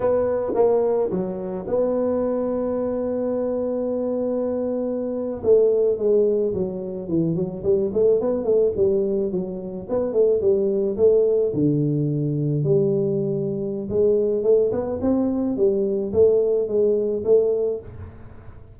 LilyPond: \new Staff \with { instrumentName = "tuba" } { \time 4/4 \tempo 4 = 108 b4 ais4 fis4 b4~ | b1~ | b4.~ b16 a4 gis4 fis16~ | fis8. e8 fis8 g8 a8 b8 a8 g16~ |
g8. fis4 b8 a8 g4 a16~ | a8. d2 g4~ g16~ | g4 gis4 a8 b8 c'4 | g4 a4 gis4 a4 | }